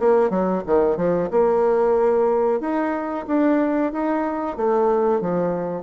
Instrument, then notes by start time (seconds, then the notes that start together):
bassoon
0.00 A#3
0.31 F#3
0.67 D#3
0.97 F3
1.31 A#3
2.61 D#4
3.28 D4
3.93 D#4
4.57 A3
5.21 F3